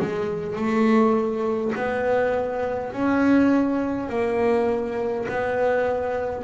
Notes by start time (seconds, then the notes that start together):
0.00 G#3
0.56 A3
1.75 B3
2.93 C#4
4.10 A#3
5.29 B3